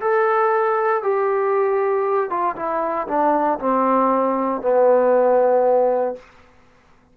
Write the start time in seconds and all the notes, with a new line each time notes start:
0.00 A4
1.03 G4
2.30 F4
2.55 E4
3.07 D4
3.59 C4
4.62 B3